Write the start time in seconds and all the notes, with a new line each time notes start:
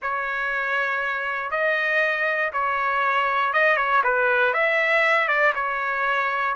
0.01 C#5
1.50 D#5
2.52 C#5
3.53 D#5
3.77 C#5
4.03 B4
4.53 E5
5.27 D5
5.55 C#5